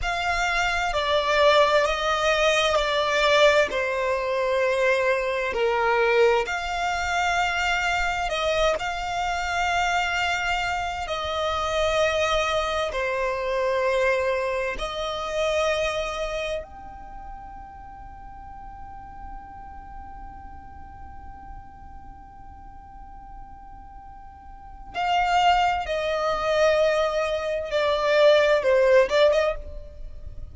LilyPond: \new Staff \with { instrumentName = "violin" } { \time 4/4 \tempo 4 = 65 f''4 d''4 dis''4 d''4 | c''2 ais'4 f''4~ | f''4 dis''8 f''2~ f''8 | dis''2 c''2 |
dis''2 g''2~ | g''1~ | g''2. f''4 | dis''2 d''4 c''8 d''16 dis''16 | }